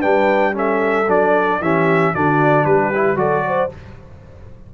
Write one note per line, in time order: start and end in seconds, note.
0.00 1.09 G3
0.00 0.53 D4
0.00 0.53 B4
0.00 0.54 G5
0.53 1.06 C#4
0.53 1.61 A4
0.53 1.11 E5
1.08 1.61 F#3
1.08 1.61 D4
1.08 1.63 D5
1.61 2.14 E3
1.61 2.15 C#4
1.61 2.14 G4
1.61 2.15 E5
2.14 2.65 D3
2.14 2.94 D4
2.14 2.67 F#4
2.14 2.65 D5
2.65 3.16 G3
2.65 3.18 G4
2.65 3.18 B4
2.95 3.17 E4
3.16 3.69 F#3
3.16 3.69 F#4
3.16 3.45 A4
3.16 3.71 D5
3.48 3.74 C5